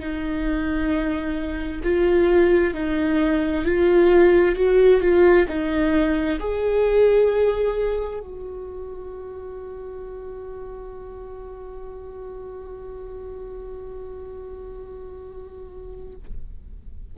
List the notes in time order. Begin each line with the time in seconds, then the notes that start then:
0.00 D#4
1.83 F4
2.74 D#4
3.65 F4
4.56 F#4
5.01 F4
5.48 D#4
6.40 G#4
8.20 F#4